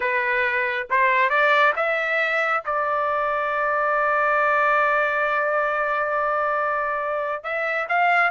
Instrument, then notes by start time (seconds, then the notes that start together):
trumpet
0.00 B4
0.90 C5
1.29 D5
1.76 E5
2.65 D5
7.43 E5
7.89 F5